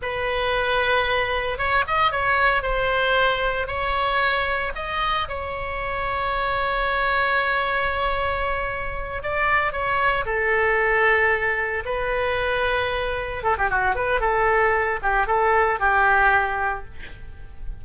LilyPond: \new Staff \with { instrumentName = "oboe" } { \time 4/4 \tempo 4 = 114 b'2. cis''8 dis''8 | cis''4 c''2 cis''4~ | cis''4 dis''4 cis''2~ | cis''1~ |
cis''4. d''4 cis''4 a'8~ | a'2~ a'8 b'4.~ | b'4. a'16 g'16 fis'8 b'8 a'4~ | a'8 g'8 a'4 g'2 | }